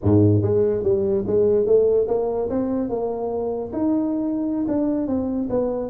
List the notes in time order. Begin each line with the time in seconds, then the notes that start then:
0.02 G#2
0.41 G#3
0.83 G3
1.26 G#3
1.66 A3
2.07 A#3
2.49 C4
2.89 A#3
3.72 D#4
4.68 D4
5.07 C4
5.49 B3